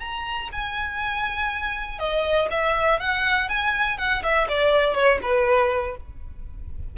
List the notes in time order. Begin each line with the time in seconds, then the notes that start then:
0.00 A#5
0.53 G#5
1.99 D#5
2.51 E5
3.00 F#5
3.49 G#5
3.98 F#5
4.23 E5
4.49 D5
4.95 C#5
5.22 B4